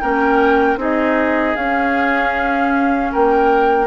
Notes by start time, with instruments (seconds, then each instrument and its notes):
0.00 bassoon A#3, clarinet C#4, oboe A#4, flute G5
0.77 bassoon C4, clarinet D#4, oboe G#4, flute D#5
1.56 bassoon C#4, clarinet C#4, flute F5
3.12 bassoon A#3, oboe A#4, flute G5